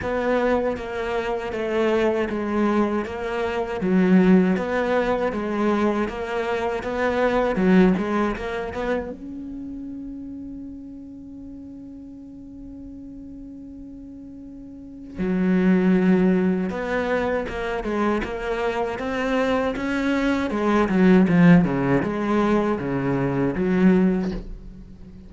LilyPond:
\new Staff \with { instrumentName = "cello" } { \time 4/4 \tempo 4 = 79 b4 ais4 a4 gis4 | ais4 fis4 b4 gis4 | ais4 b4 fis8 gis8 ais8 b8 | cis'1~ |
cis'1 | fis2 b4 ais8 gis8 | ais4 c'4 cis'4 gis8 fis8 | f8 cis8 gis4 cis4 fis4 | }